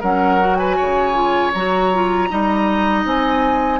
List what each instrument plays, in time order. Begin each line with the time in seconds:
0.00 bassoon F#3, clarinet C#4, oboe A#4, flute F#5
0.40 clarinet F#4
0.56 oboe B4, flute G#5
0.76 bassoon C#3, oboe C#5
1.14 clarinet F4
1.54 bassoon F#3, clarinet F#4, flute A#5
1.94 clarinet F4
2.29 bassoon G3, clarinet D#4, oboe D#5
3.05 bassoon C4, flute G#5